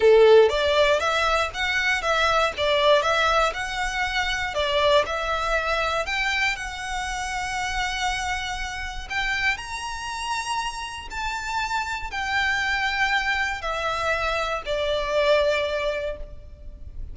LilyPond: \new Staff \with { instrumentName = "violin" } { \time 4/4 \tempo 4 = 119 a'4 d''4 e''4 fis''4 | e''4 d''4 e''4 fis''4~ | fis''4 d''4 e''2 | g''4 fis''2.~ |
fis''2 g''4 ais''4~ | ais''2 a''2 | g''2. e''4~ | e''4 d''2. | }